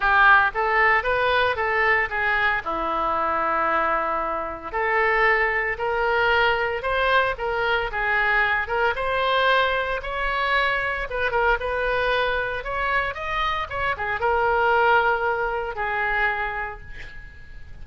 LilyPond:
\new Staff \with { instrumentName = "oboe" } { \time 4/4 \tempo 4 = 114 g'4 a'4 b'4 a'4 | gis'4 e'2.~ | e'4 a'2 ais'4~ | ais'4 c''4 ais'4 gis'4~ |
gis'8 ais'8 c''2 cis''4~ | cis''4 b'8 ais'8 b'2 | cis''4 dis''4 cis''8 gis'8 ais'4~ | ais'2 gis'2 | }